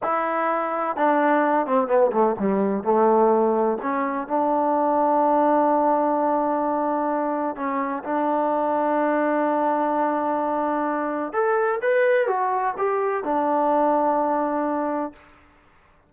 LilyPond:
\new Staff \with { instrumentName = "trombone" } { \time 4/4 \tempo 4 = 127 e'2 d'4. c'8 | b8 a8 g4 a2 | cis'4 d'2.~ | d'1 |
cis'4 d'2.~ | d'1 | a'4 b'4 fis'4 g'4 | d'1 | }